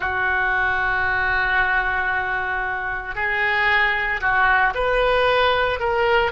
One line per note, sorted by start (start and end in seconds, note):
0.00 3.15 F#4
3.15 4.20 G#4
4.21 4.73 F#4
4.74 5.79 B4
5.79 6.31 A#4